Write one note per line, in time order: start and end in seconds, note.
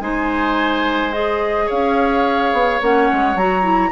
0.00 1.68 G#3
0.00 1.12 D#4
0.00 1.66 C5
0.00 1.12 G#5
1.12 2.80 G#4
1.12 1.68 D#5
1.66 2.52 C#4
1.66 3.90 C#5
1.66 2.82 F5
2.52 2.80 B3
2.81 3.10 A#3
2.81 3.37 C#4
2.81 3.37 F#5
3.12 3.35 G#3
3.35 3.91 F#3
3.35 3.62 F#4
3.35 3.92 A#5
3.62 3.90 E4